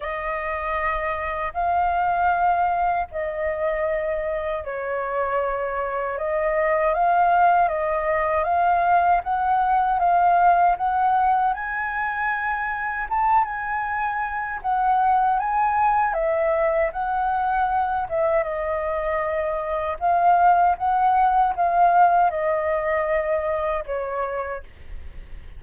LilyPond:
\new Staff \with { instrumentName = "flute" } { \time 4/4 \tempo 4 = 78 dis''2 f''2 | dis''2 cis''2 | dis''4 f''4 dis''4 f''4 | fis''4 f''4 fis''4 gis''4~ |
gis''4 a''8 gis''4. fis''4 | gis''4 e''4 fis''4. e''8 | dis''2 f''4 fis''4 | f''4 dis''2 cis''4 | }